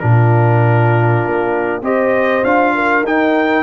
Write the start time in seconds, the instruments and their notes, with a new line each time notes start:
0.00 tuba A#2, trombone D4, horn F4, trumpet A#4
1.27 tuba A#3
1.82 tuba C4, trombone G4, horn C5, trumpet D#5
2.44 tuba D4, trombone F4, trumpet F5
2.75 horn A#4
3.03 tuba D#4, trombone D#4, trumpet G5